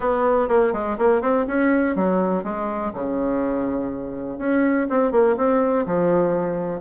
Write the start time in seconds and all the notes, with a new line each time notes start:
0.00 B3
0.48 A#3
0.73 G#3
0.98 A#3
1.21 C4
1.47 C#4
1.95 F#3
2.43 G#3
2.93 C#3
4.38 C#4
4.89 C4
5.11 A#3
5.37 C4
5.86 F3